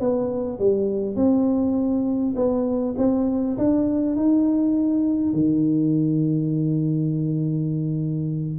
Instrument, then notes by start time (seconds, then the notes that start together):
tuba
0.00 B3
0.59 G3
1.16 C4
2.35 B3
2.98 C4
3.58 D4
4.16 D#4
5.33 D#3